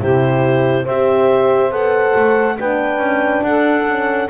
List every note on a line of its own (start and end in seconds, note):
0.00 0.87 C3
0.00 0.86 E4
0.00 0.84 G4
0.00 0.87 C5
0.84 1.71 C4
0.84 1.72 G4
0.84 2.55 C5
0.84 1.72 E5
1.71 2.14 B3
1.71 2.57 A4
1.71 2.58 F#5
2.16 2.59 A3
2.58 2.98 B3
2.58 3.86 D4
2.58 3.45 B4
2.58 3.44 G5
2.98 3.41 C#4
3.42 4.28 D4
3.42 4.30 A4
3.42 4.29 F#5
3.87 4.30 C#4